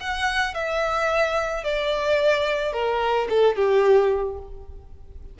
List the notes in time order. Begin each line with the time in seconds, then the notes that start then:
0.00 F#5
0.54 E5
1.63 D5
2.72 A#4
3.29 A4
3.55 G4